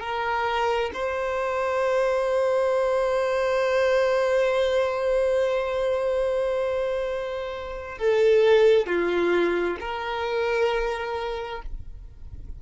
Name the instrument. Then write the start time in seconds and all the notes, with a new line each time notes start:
violin
0.00 A#4
0.93 C5
7.98 A4
8.86 F4
9.80 A#4